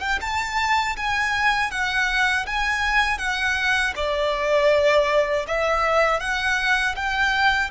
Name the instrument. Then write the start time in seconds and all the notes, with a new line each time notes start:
violin
0.00 G5
0.21 A5
0.96 G#5
1.70 F#5
2.46 G#5
3.18 F#5
3.95 D5
5.47 E5
6.20 F#5
6.95 G5